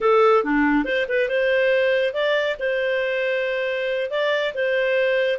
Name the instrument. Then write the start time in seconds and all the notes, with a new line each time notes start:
clarinet
0.00 A4
0.44 D4
0.84 C5
1.08 B4
1.28 C5
2.13 D5
2.59 C5
4.10 D5
4.54 C5